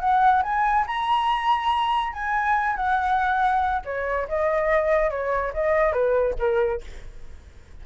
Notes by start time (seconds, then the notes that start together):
0.00 F#5
0.43 G#5
0.87 A#5
2.13 G#5
2.76 F#5
3.85 C#5
4.28 D#5
5.10 C#5
5.53 D#5
5.92 B4
6.38 A#4